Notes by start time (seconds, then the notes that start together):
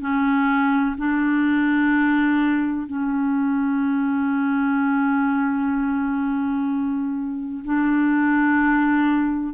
0.00 C#4
0.97 D4
2.86 C#4
7.65 D4